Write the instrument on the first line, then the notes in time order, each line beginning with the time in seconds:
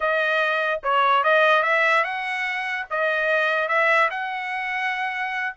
trumpet
0.00 D#5
0.83 C#5
1.23 D#5
1.63 E5
2.03 F#5
2.90 D#5
3.68 E5
4.10 F#5